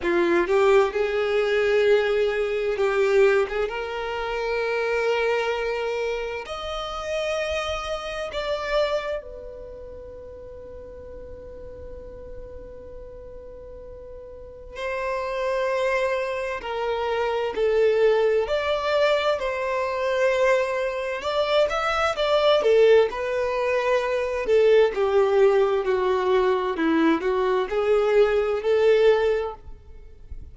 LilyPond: \new Staff \with { instrumentName = "violin" } { \time 4/4 \tempo 4 = 65 f'8 g'8 gis'2 g'8. gis'16 | ais'2. dis''4~ | dis''4 d''4 b'2~ | b'1 |
c''2 ais'4 a'4 | d''4 c''2 d''8 e''8 | d''8 a'8 b'4. a'8 g'4 | fis'4 e'8 fis'8 gis'4 a'4 | }